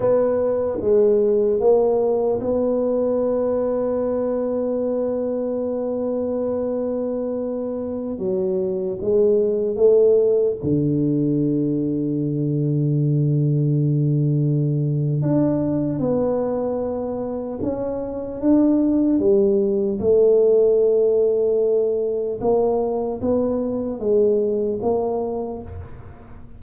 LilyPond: \new Staff \with { instrumentName = "tuba" } { \time 4/4 \tempo 4 = 75 b4 gis4 ais4 b4~ | b1~ | b2~ b16 fis4 gis8.~ | gis16 a4 d2~ d8.~ |
d2. d'4 | b2 cis'4 d'4 | g4 a2. | ais4 b4 gis4 ais4 | }